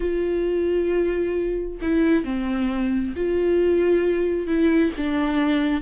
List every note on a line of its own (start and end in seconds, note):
0.00 1.78 F4
1.81 2.24 E4
2.24 3.14 C4
3.16 4.47 F4
4.47 4.92 E4
4.97 5.81 D4